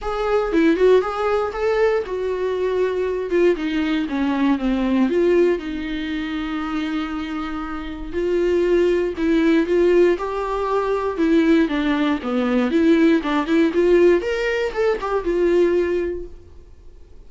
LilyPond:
\new Staff \with { instrumentName = "viola" } { \time 4/4 \tempo 4 = 118 gis'4 e'8 fis'8 gis'4 a'4 | fis'2~ fis'8 f'8 dis'4 | cis'4 c'4 f'4 dis'4~ | dis'1 |
f'2 e'4 f'4 | g'2 e'4 d'4 | b4 e'4 d'8 e'8 f'4 | ais'4 a'8 g'8 f'2 | }